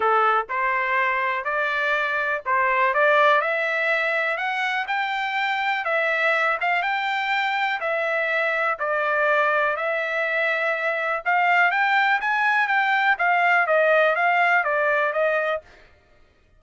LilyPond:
\new Staff \with { instrumentName = "trumpet" } { \time 4/4 \tempo 4 = 123 a'4 c''2 d''4~ | d''4 c''4 d''4 e''4~ | e''4 fis''4 g''2 | e''4. f''8 g''2 |
e''2 d''2 | e''2. f''4 | g''4 gis''4 g''4 f''4 | dis''4 f''4 d''4 dis''4 | }